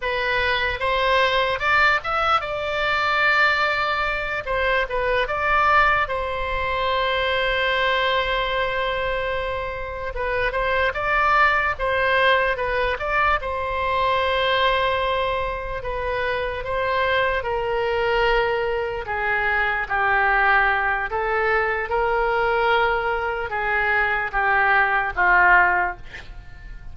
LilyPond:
\new Staff \with { instrumentName = "oboe" } { \time 4/4 \tempo 4 = 74 b'4 c''4 d''8 e''8 d''4~ | d''4. c''8 b'8 d''4 c''8~ | c''1~ | c''8 b'8 c''8 d''4 c''4 b'8 |
d''8 c''2. b'8~ | b'8 c''4 ais'2 gis'8~ | gis'8 g'4. a'4 ais'4~ | ais'4 gis'4 g'4 f'4 | }